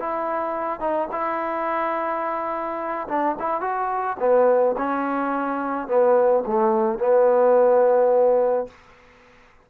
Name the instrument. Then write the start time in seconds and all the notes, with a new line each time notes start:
trombone
0.00 E4
0.80 D#4
1.12 E4
3.08 D4
3.39 E4
3.61 F#4
4.20 B3
4.78 C#4
5.88 B3
6.47 A3
6.99 B3